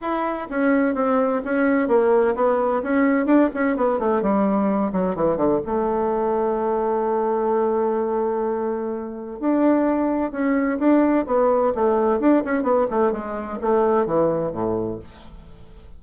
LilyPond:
\new Staff \with { instrumentName = "bassoon" } { \time 4/4 \tempo 4 = 128 e'4 cis'4 c'4 cis'4 | ais4 b4 cis'4 d'8 cis'8 | b8 a8 g4. fis8 e8 d8 | a1~ |
a1 | d'2 cis'4 d'4 | b4 a4 d'8 cis'8 b8 a8 | gis4 a4 e4 a,4 | }